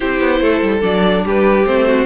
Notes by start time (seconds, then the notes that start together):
0.00 C4 E4 G4 C5
0.20 B3
0.40 A3 A4
0.61 G3
0.81 F#3 D4 D5
1.23 G3 G4 B4
1.65 A3 C4 C5
1.87 F#4